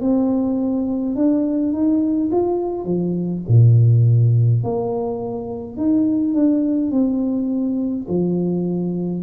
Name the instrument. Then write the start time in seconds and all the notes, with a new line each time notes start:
tuba
0.00 C4
1.15 D4
1.72 D#4
2.31 F4
2.84 F3
3.48 A#2
4.63 A#3
5.76 D#4
6.34 D4
6.91 C4
8.08 F3